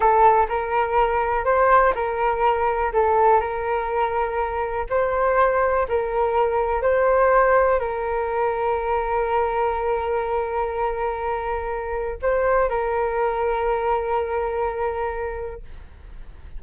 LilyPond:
\new Staff \with { instrumentName = "flute" } { \time 4/4 \tempo 4 = 123 a'4 ais'2 c''4 | ais'2 a'4 ais'4~ | ais'2 c''2 | ais'2 c''2 |
ais'1~ | ais'1~ | ais'4 c''4 ais'2~ | ais'1 | }